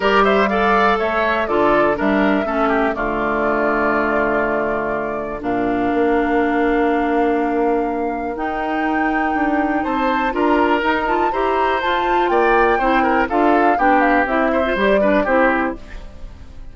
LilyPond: <<
  \new Staff \with { instrumentName = "flute" } { \time 4/4 \tempo 4 = 122 d''8 e''8 f''4 e''4 d''4 | e''2 d''2~ | d''2. f''4~ | f''1~ |
f''4 g''2. | a''4 ais''4. a''8 ais''4 | a''4 g''2 f''4 | g''8 f''8 e''4 d''4 c''4 | }
  \new Staff \with { instrumentName = "oboe" } { \time 4/4 ais'8 c''8 d''4 cis''4 a'4 | ais'4 a'8 g'8 f'2~ | f'2. ais'4~ | ais'1~ |
ais'1 | c''4 ais'2 c''4~ | c''4 d''4 c''8 ais'8 a'4 | g'4. c''4 b'8 g'4 | }
  \new Staff \with { instrumentName = "clarinet" } { \time 4/4 g'4 a'2 f'4 | d'4 cis'4 a2~ | a2. d'4~ | d'1~ |
d'4 dis'2.~ | dis'4 f'4 dis'8 f'8 g'4 | f'2 e'4 f'4 | d'4 e'8. f'16 g'8 d'8 e'4 | }
  \new Staff \with { instrumentName = "bassoon" } { \time 4/4 g2 a4 d4 | g4 a4 d2~ | d2. ais,4 | ais1~ |
ais4 dis'2 d'4 | c'4 d'4 dis'4 e'4 | f'4 ais4 c'4 d'4 | b4 c'4 g4 c'4 | }
>>